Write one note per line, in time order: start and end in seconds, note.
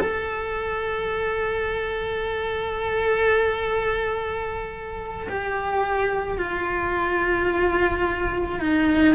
0.00 5.28 A4
5.29 6.38 G4
6.38 8.60 F4
8.60 9.15 D#4